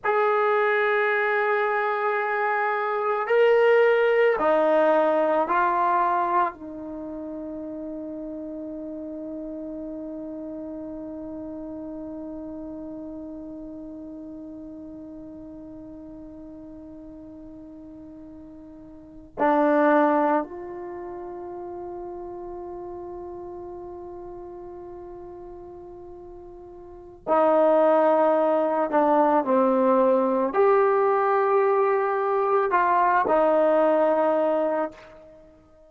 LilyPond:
\new Staff \with { instrumentName = "trombone" } { \time 4/4 \tempo 4 = 55 gis'2. ais'4 | dis'4 f'4 dis'2~ | dis'1~ | dis'1~ |
dis'4.~ dis'16 d'4 f'4~ f'16~ | f'1~ | f'4 dis'4. d'8 c'4 | g'2 f'8 dis'4. | }